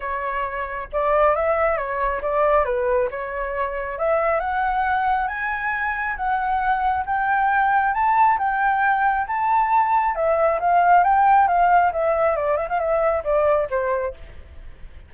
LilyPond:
\new Staff \with { instrumentName = "flute" } { \time 4/4 \tempo 4 = 136 cis''2 d''4 e''4 | cis''4 d''4 b'4 cis''4~ | cis''4 e''4 fis''2 | gis''2 fis''2 |
g''2 a''4 g''4~ | g''4 a''2 e''4 | f''4 g''4 f''4 e''4 | d''8 e''16 f''16 e''4 d''4 c''4 | }